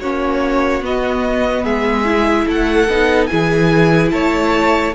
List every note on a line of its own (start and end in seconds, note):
0.00 0.82 A#3
0.00 0.82 C#4
0.00 1.64 F#4
0.00 0.83 C#5
0.82 1.64 B3
0.82 2.05 B3
0.82 1.65 D#5
1.64 2.46 G#3
1.64 2.46 G#4
1.64 2.47 E5
2.05 2.87 E4
2.46 2.87 A3
2.46 3.29 A4
2.46 3.26 F#5
2.87 3.29 B3
2.87 3.29 D#4
3.26 4.12 E3
3.26 4.93 E4
3.26 4.13 G#4
3.26 4.08 G#5
4.11 4.94 A3
4.11 4.95 C#5
4.11 4.93 A5